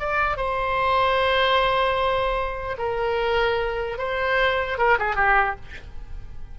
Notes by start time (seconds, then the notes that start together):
0.00 D5
0.37 C5
2.78 A#4
3.98 C5
4.78 A#4
4.99 G#4
5.16 G4